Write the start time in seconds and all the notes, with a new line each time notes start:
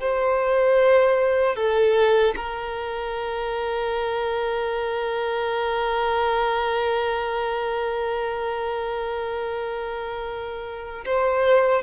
0.00 C5
1.56 A4
2.36 A#4
11.05 C5